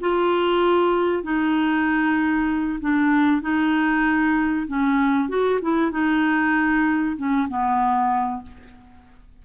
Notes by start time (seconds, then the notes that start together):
0.00 F4
1.23 D#4
2.80 D4
3.41 D#4
4.67 C#4
5.28 F#4
5.61 E4
5.91 D#4
7.16 C#4
7.48 B3